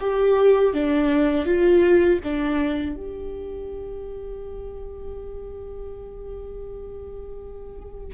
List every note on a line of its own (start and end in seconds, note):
0.00 0.74 G4
0.74 1.45 D4
1.45 2.20 F4
2.24 2.96 D4
2.96 8.14 G4